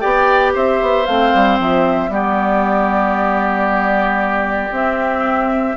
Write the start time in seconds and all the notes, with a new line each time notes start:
0.00 B3 G4 D5 G5
0.54 C4 C5 E5
0.82 B3
1.06 A3 C4 F5
1.34 G3
1.59 F3 E5
2.09 G3 B3 G4 D5
4.71 C4 E5